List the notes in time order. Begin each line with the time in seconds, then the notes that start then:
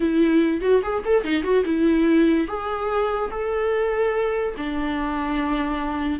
0.00 E4
0.61 F#4
0.82 G#4
1.05 A4
1.24 D#4
1.43 F#4
1.65 E4
2.47 G#4
3.30 A4
4.57 D4